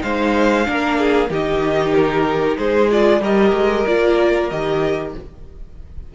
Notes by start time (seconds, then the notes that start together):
0.00 G#3 D#4 C5 F5
0.64 A#3 D4 A#4
0.99 G#4
1.29 D#3 D#4 G4 D#5
1.93 A#4
2.58 G#3 G#4 C5
2.90 F4 D5
3.20 G3 G4 A#4 D#5
3.53 G#3
3.86 A#3 F4 D5
4.49 D#3 G4 D#5